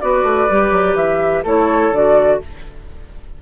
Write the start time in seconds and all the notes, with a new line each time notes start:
0.00 B3 F#4 B4 D5
0.23 A3
0.50 G3 G4
0.71 F#3
0.94 E3 E5
1.43 A3 E4 A4 C#5
1.91 D3 F#4 D5